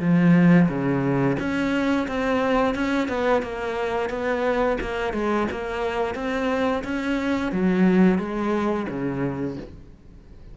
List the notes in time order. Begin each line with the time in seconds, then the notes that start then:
0.00 F3
0.68 C#3
1.39 C#4
2.08 C4
2.75 C#4
3.08 B3
3.42 A#3
4.09 B3
4.81 A#3
5.13 G#3
5.51 A#3
6.15 C4
6.84 C#4
7.52 F#3
8.18 G#3
8.89 C#3